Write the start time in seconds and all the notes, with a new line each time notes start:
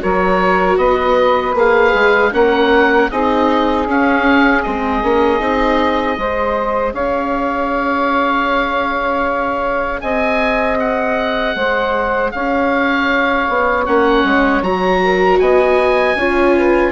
0.00 F#3 F#4 A#4 C#5
0.77 B3 B4 D#5
1.54 A#3 G#4 F5
1.93 G#3
2.32 A#3 C#4 A#4 F#5
3.09 C4 D#4 G#4 D#5
3.87 C#4 F5
4.62 G#3 C4 D#5
5.03 A#3 C#4
5.39 C4 D#4
6.16 G#3 G#4 C5
6.93 C#4 C#5 F5
10.01 C4 D#5 G#5
10.79 F#5
11.55 G#3 C5
12.31 C#4 C#5 F5
13.48 B3
13.85 A#3 C#4 F#5
14.24 G#3
14.62 F#3 F#4 A#5
15.01 A#4
15.39 B3 D#5 G#5
16.15 C#4 F4 C#5
16.56 B4